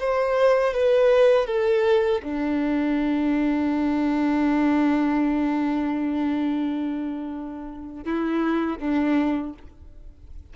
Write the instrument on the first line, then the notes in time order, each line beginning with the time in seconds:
violin
0.00 C5
0.74 B4
1.47 A4
2.24 D4
8.05 E4
8.79 D4